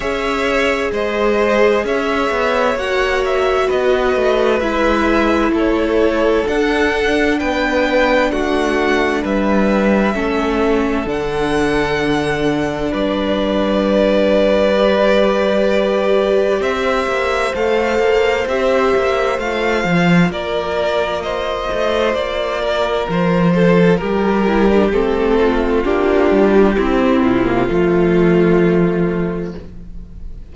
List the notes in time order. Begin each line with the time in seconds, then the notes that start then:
0.00 C#4 G#4 C#5 E5
0.92 G#3 C5 D#5
1.83 C#4 C#5 E5
2.31 B3
2.74 A#3 F#4 F#5
3.25 E5
3.66 B3 B4 D#5
4.15 A3
4.59 G#3 E4 E5
5.51 A3 A4
5.57 C#5
6.47 D4 F#5
7.39 B3 B4 G5
8.31 A3 F#4 F#5
9.22 G3 B4 E5
10.13 A3 C#4 A4
11.05 D3 D4 F#5
12.91 G3 B4 D5
14.76 G4
16.59 C4 C5 E5
17.06 A#3
17.54 A3 A4 F5
17.99 A#3
18.46 C4 G4 E5
18.96 A#3
19.38 A3 F4 F5
19.84 F3
20.29 A#3 A#4 D5
21.22 C5 D#5
21.72 A3
22.14 A#3 D5
22.61 A#4
23.08 F3 C5
23.54 A4
23.96 G3 G4 A#4
24.47 E4
24.68 D4
24.92 A3 C4 A4
25.40 F4
25.83 A#3 D4 G4
26.30 G3
26.75 C4 E4
27.22 C3 F4
27.45 A#3
27.68 F3 A3 F4